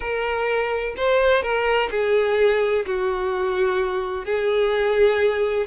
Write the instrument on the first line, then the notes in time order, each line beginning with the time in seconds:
violin
0.00 A#4
0.96 C5
1.42 A#4
1.90 G#4
2.86 F#4
4.25 G#4